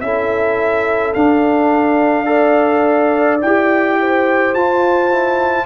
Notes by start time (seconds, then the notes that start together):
0.00 C#4 E4 A4 E5
1.14 D4 F5
2.26 A4 D5
3.41 E4 G4 G5
4.00 C5
4.54 F4 A5
5.11 E4